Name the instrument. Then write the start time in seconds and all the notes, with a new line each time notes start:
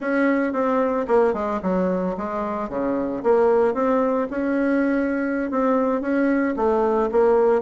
bassoon
0.00 C#4
0.53 C4
1.07 A#3
1.33 G#3
1.62 F#3
2.17 G#3
2.69 C#3
3.23 A#3
3.74 C4
4.30 C#4
5.50 C4
6.01 C#4
6.56 A3
7.11 A#3